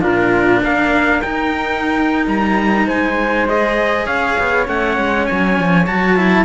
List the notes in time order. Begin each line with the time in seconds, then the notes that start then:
0.00 A#2 D4 F4 A#4
0.63 A#3 A#4 F5
1.21 D#4 G5
2.27 G3 A#5
2.86 G#3 C5 G#5
3.49 G#4 D#5
4.05 C#4 C#5 F5
4.38 B3
4.65 A3 C#4 F#5
4.97 G#3
5.26 F#3 G#5
5.58 F3
5.86 F#3 F#4 A5
6.17 E4